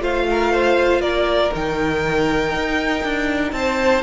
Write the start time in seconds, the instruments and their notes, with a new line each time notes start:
0.00 cello A3, viola F4, violin C5 F5
0.31 violin A#4
0.53 violin C5
1.00 cello A#3, violin A#4 D5
1.53 cello D#3, viola D#4, violin G5
2.54 cello D#4
3.04 cello D4
3.52 cello C4, violin C5 A5